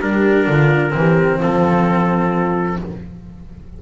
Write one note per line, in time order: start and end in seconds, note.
0.00 0.46 G3
0.00 0.90 D4
0.00 0.46 G4
0.00 1.40 A#4
0.46 0.93 D3
0.46 0.93 F4
0.90 1.40 E3
0.90 2.76 C4
0.98 1.38 G4
1.38 2.81 F3
1.38 2.78 F4
1.38 2.81 A4